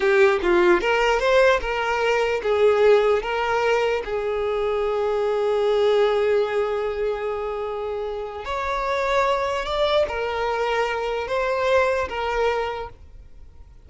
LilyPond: \new Staff \with { instrumentName = "violin" } { \time 4/4 \tempo 4 = 149 g'4 f'4 ais'4 c''4 | ais'2 gis'2 | ais'2 gis'2~ | gis'1~ |
gis'1~ | gis'4 cis''2. | d''4 ais'2. | c''2 ais'2 | }